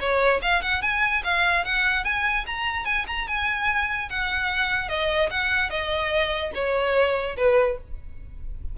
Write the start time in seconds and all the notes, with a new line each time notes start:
0.00 C#5
0.42 F5
0.62 F#5
0.82 G#5
1.24 F5
1.65 F#5
2.05 G#5
2.46 A#5
2.85 G#5
3.07 A#5
3.28 G#5
4.09 F#5
4.89 D#5
5.31 F#5
5.70 D#5
6.54 C#5
7.37 B4